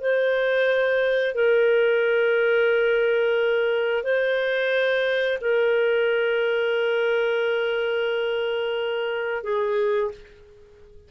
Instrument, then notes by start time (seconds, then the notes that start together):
clarinet
0.00 C5
1.34 A#4
4.03 C5
5.41 A#4
9.43 G#4